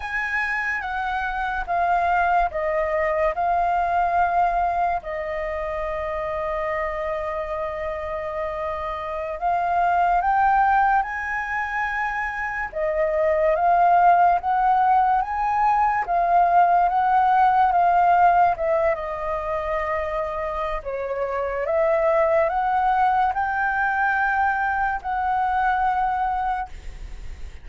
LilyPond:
\new Staff \with { instrumentName = "flute" } { \time 4/4 \tempo 4 = 72 gis''4 fis''4 f''4 dis''4 | f''2 dis''2~ | dis''2.~ dis''16 f''8.~ | f''16 g''4 gis''2 dis''8.~ |
dis''16 f''4 fis''4 gis''4 f''8.~ | f''16 fis''4 f''4 e''8 dis''4~ dis''16~ | dis''4 cis''4 e''4 fis''4 | g''2 fis''2 | }